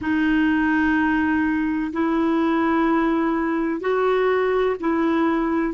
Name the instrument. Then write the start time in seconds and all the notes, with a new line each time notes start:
clarinet
0.01 D#4
1.92 E4
3.81 F#4
4.80 E4